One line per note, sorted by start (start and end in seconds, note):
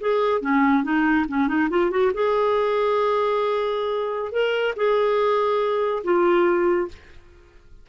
0.00 0.41 G#4
0.41 0.83 C#4
0.83 1.25 D#4
1.28 1.47 C#4
1.47 1.68 D#4
1.69 1.91 F4
1.91 2.12 F#4
2.14 4.32 G#4
4.32 4.74 A#4
4.76 6.03 G#4
6.03 6.88 F4